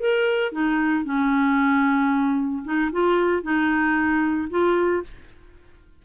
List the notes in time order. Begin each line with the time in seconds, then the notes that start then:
0.00 A#4
0.52 D#4
1.05 C#4
2.65 D#4
2.92 F4
3.43 D#4
4.50 F4